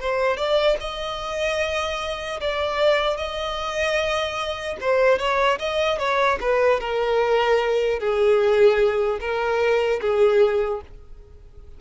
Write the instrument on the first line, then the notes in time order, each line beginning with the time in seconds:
violin
0.00 C5
0.37 D5
0.80 D#5
2.40 D5
3.17 D#5
4.80 C5
5.18 C#5
5.59 D#5
5.99 C#5
6.40 B4
6.80 A#4
7.99 G#4
9.20 A#4
10.01 G#4